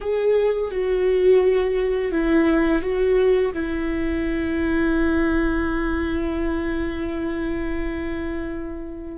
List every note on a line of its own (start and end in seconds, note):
0.01 0.71 G#4
0.71 2.11 F#4
2.11 2.82 E4
2.82 3.52 F#4
3.53 9.17 E4